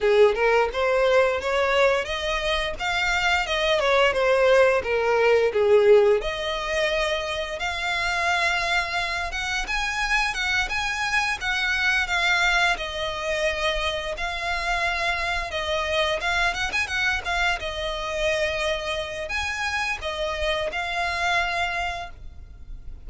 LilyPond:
\new Staff \with { instrumentName = "violin" } { \time 4/4 \tempo 4 = 87 gis'8 ais'8 c''4 cis''4 dis''4 | f''4 dis''8 cis''8 c''4 ais'4 | gis'4 dis''2 f''4~ | f''4. fis''8 gis''4 fis''8 gis''8~ |
gis''8 fis''4 f''4 dis''4.~ | dis''8 f''2 dis''4 f''8 | fis''16 gis''16 fis''8 f''8 dis''2~ dis''8 | gis''4 dis''4 f''2 | }